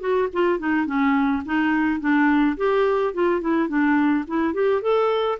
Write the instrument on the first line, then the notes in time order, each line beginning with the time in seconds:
clarinet
0.00 F#4
0.33 F4
0.59 D#4
0.86 C#4
1.45 D#4
2.00 D4
2.57 G4
3.14 F4
3.41 E4
3.68 D4
4.27 E4
4.54 G4
4.82 A4